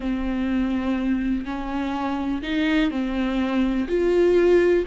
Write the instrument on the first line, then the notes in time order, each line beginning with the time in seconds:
viola
0.00 C4
1.45 C#4
2.42 D#4
2.90 C4
3.88 F4